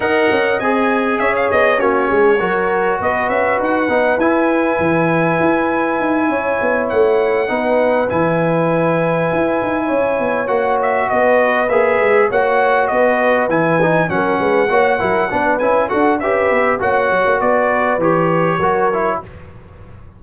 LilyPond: <<
  \new Staff \with { instrumentName = "trumpet" } { \time 4/4 \tempo 4 = 100 fis''4 gis''4 e''16 f''16 dis''8 cis''4~ | cis''4 dis''8 e''8 fis''4 gis''4~ | gis''2.~ gis''8 fis''8~ | fis''4. gis''2~ gis''8~ |
gis''4. fis''8 e''8 dis''4 e''8~ | e''8 fis''4 dis''4 gis''4 fis''8~ | fis''2 gis''8 fis''8 e''4 | fis''4 d''4 cis''2 | }
  \new Staff \with { instrumentName = "horn" } { \time 4/4 dis''2 cis''4 fis'8 gis'8 | ais'4 b'2.~ | b'2~ b'8 cis''4.~ | cis''8 b'2.~ b'8~ |
b'8 cis''2 b'4.~ | b'8 cis''4 b'2 ais'8 | b'8 cis''8 ais'8 b'4 a'8 b'4 | cis''4 b'2 ais'4 | }
  \new Staff \with { instrumentName = "trombone" } { \time 4/4 ais'4 gis'2 cis'4 | fis'2~ fis'8 dis'8 e'4~ | e'1~ | e'8 dis'4 e'2~ e'8~ |
e'4. fis'2 gis'8~ | gis'8 fis'2 e'8 dis'8 cis'8~ | cis'8 fis'8 e'8 d'8 e'8 fis'8 g'4 | fis'2 g'4 fis'8 e'8 | }
  \new Staff \with { instrumentName = "tuba" } { \time 4/4 dis'8 cis'8 c'4 cis'8 b8 ais8 gis8 | fis4 b8 cis'8 dis'8 b8 e'4 | e4 e'4 dis'8 cis'8 b8 a8~ | a8 b4 e2 e'8 |
dis'8 cis'8 b8 ais4 b4 ais8 | gis8 ais4 b4 e4 fis8 | gis8 ais8 fis8 b8 cis'8 d'8 cis'8 b8 | ais8 fis16 ais16 b4 e4 fis4 | }
>>